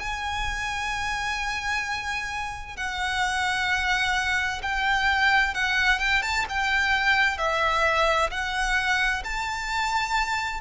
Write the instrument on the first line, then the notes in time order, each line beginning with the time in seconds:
violin
0.00 G#5
2.77 F#5
4.63 G5
5.55 F#5
6.00 G5
6.23 A5
6.49 G5
7.38 E5
8.31 F#5
9.24 A5